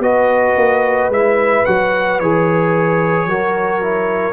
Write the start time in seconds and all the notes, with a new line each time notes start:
0.00 B3 F#4 B4 D#5
0.57 A#3
1.09 G#3 E4 E5
1.66 F#3 F#4 F#5
2.20 E3 G#4 C#5
3.26 F#3 F#4 A#4
3.83 E4